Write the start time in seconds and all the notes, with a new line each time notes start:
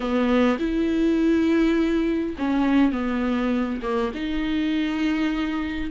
0.00 B3
0.59 E4
2.38 C#4
2.92 B3
3.82 A#3
4.14 D#4